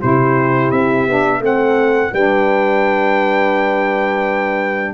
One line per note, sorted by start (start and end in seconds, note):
0.00 0.72 C3
0.00 1.08 E4
0.00 1.41 G4
0.00 0.72 C5
0.72 1.07 C4
0.72 1.42 E5
1.07 1.40 B3
1.07 1.41 D4
1.40 2.11 A3
1.40 2.12 C4
1.40 2.13 A4
1.40 2.14 F#5
2.13 4.94 G3
2.13 4.94 D4
2.13 4.94 B4
2.13 4.94 G5